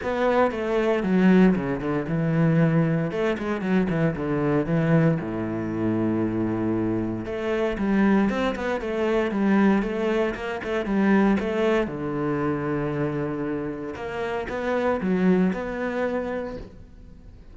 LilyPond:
\new Staff \with { instrumentName = "cello" } { \time 4/4 \tempo 4 = 116 b4 a4 fis4 cis8 d8 | e2 a8 gis8 fis8 e8 | d4 e4 a,2~ | a,2 a4 g4 |
c'8 b8 a4 g4 a4 | ais8 a8 g4 a4 d4~ | d2. ais4 | b4 fis4 b2 | }